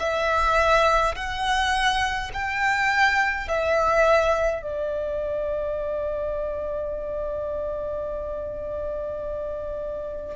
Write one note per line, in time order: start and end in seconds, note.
0.00 1.15 E5
1.16 2.31 F#5
2.34 3.48 G5
3.48 4.63 E5
4.63 10.36 D5